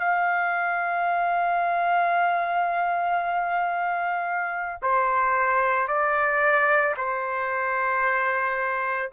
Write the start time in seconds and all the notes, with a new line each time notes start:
0.00 F5
4.83 C5
5.88 D5
6.97 C5